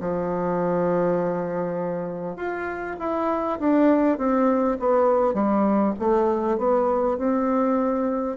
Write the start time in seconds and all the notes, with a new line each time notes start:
0.00 F3
2.36 F4
2.99 E4
3.59 D4
4.18 C4
4.79 B3
5.34 G3
5.99 A3
6.57 B3
7.17 C4